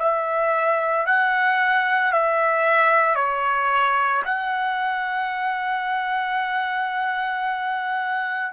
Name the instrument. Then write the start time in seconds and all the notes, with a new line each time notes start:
trumpet
0.00 E5
1.07 F#5
2.12 E5
3.16 C#5
4.25 F#5